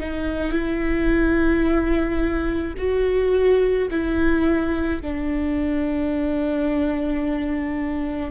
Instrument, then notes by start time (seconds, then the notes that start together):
viola
0.00 D#4
0.52 E4
2.77 F#4
3.90 E4
5.01 D4